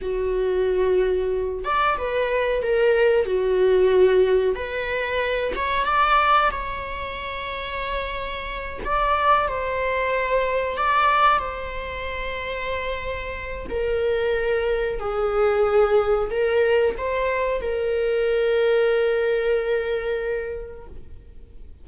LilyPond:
\new Staff \with { instrumentName = "viola" } { \time 4/4 \tempo 4 = 92 fis'2~ fis'8 d''8 b'4 | ais'4 fis'2 b'4~ | b'8 cis''8 d''4 cis''2~ | cis''4. d''4 c''4.~ |
c''8 d''4 c''2~ c''8~ | c''4 ais'2 gis'4~ | gis'4 ais'4 c''4 ais'4~ | ais'1 | }